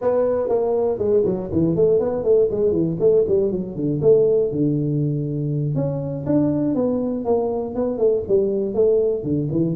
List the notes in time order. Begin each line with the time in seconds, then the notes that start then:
0.01 B3
0.48 A#3
0.98 G#3
1.25 F#3
1.52 E3
1.75 A3
1.99 B3
2.23 A3
2.50 G#3
2.71 E3
2.99 A3
3.28 G3
3.51 F#3
3.75 D3
4.01 A3
4.51 D3
5.75 C#4
6.26 D4
6.74 B3
7.24 A#3
7.75 B3
7.98 A3
8.28 G3
8.74 A3
9.23 D3
9.51 E3